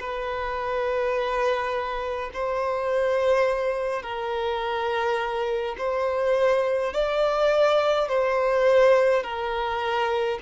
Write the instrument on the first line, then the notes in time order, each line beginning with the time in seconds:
violin
0.00 B4
2.34 C5
4.02 A#4
5.78 C5
6.93 D5
8.09 C5
9.24 A#4